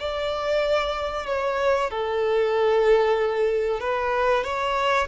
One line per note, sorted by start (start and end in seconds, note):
0.00 1.27 D5
1.27 1.91 C#5
1.91 3.80 A4
3.80 4.44 B4
4.44 5.08 C#5